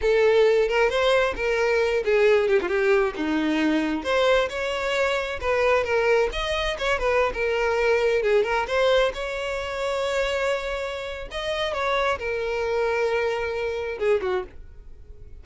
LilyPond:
\new Staff \with { instrumentName = "violin" } { \time 4/4 \tempo 4 = 133 a'4. ais'8 c''4 ais'4~ | ais'8 gis'4 g'16 f'16 g'4 dis'4~ | dis'4 c''4 cis''2 | b'4 ais'4 dis''4 cis''8 b'8~ |
b'16 ais'2 gis'8 ais'8 c''8.~ | c''16 cis''2.~ cis''8.~ | cis''4 dis''4 cis''4 ais'4~ | ais'2. gis'8 fis'8 | }